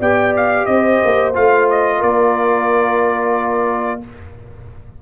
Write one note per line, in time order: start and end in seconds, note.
0.00 0.67 B3
0.00 1.34 G4
0.00 0.67 D5
0.00 0.35 G5
0.37 0.66 F5
0.66 1.01 C4
0.66 1.98 C5
0.66 1.33 D#5
1.05 1.37 A#3
1.34 2.03 A3
1.34 4.01 F4
1.34 1.69 F5
1.70 2.03 D#5
1.98 4.03 A#3
1.98 3.98 A#4
1.98 4.03 D5